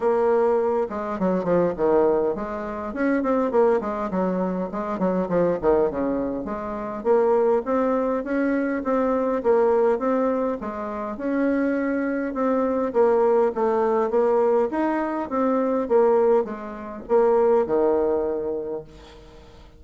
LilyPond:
\new Staff \with { instrumentName = "bassoon" } { \time 4/4 \tempo 4 = 102 ais4. gis8 fis8 f8 dis4 | gis4 cis'8 c'8 ais8 gis8 fis4 | gis8 fis8 f8 dis8 cis4 gis4 | ais4 c'4 cis'4 c'4 |
ais4 c'4 gis4 cis'4~ | cis'4 c'4 ais4 a4 | ais4 dis'4 c'4 ais4 | gis4 ais4 dis2 | }